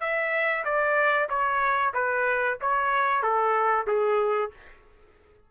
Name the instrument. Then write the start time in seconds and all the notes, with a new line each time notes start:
trumpet
0.00 E5
0.64 D5
1.29 C#5
1.94 B4
2.61 C#5
3.22 A4
3.87 G#4